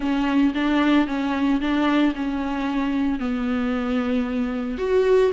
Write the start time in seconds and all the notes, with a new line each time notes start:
0.00 C#4
0.54 D4
1.07 C#4
1.60 D4
2.15 C#4
3.19 B3
4.78 F#4